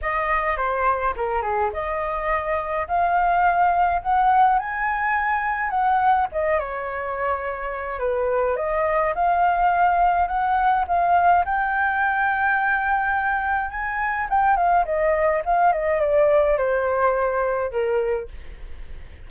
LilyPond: \new Staff \with { instrumentName = "flute" } { \time 4/4 \tempo 4 = 105 dis''4 c''4 ais'8 gis'8 dis''4~ | dis''4 f''2 fis''4 | gis''2 fis''4 dis''8 cis''8~ | cis''2 b'4 dis''4 |
f''2 fis''4 f''4 | g''1 | gis''4 g''8 f''8 dis''4 f''8 dis''8 | d''4 c''2 ais'4 | }